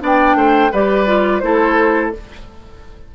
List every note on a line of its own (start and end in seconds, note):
0.00 0.35 B3
0.00 0.71 D4
0.00 0.37 D5
0.00 0.74 G5
0.35 0.70 A3
0.35 0.72 C5
0.72 1.42 G3
0.72 1.07 G4
0.72 1.42 B4
0.72 1.40 D5
1.07 1.42 F4
1.40 2.13 A3
1.40 2.13 E4
1.40 2.15 A4
1.40 2.10 C5